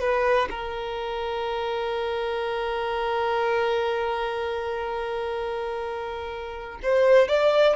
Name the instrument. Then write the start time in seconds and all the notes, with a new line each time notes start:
violin
0.00 B4
0.50 A#4
6.83 C5
7.28 D5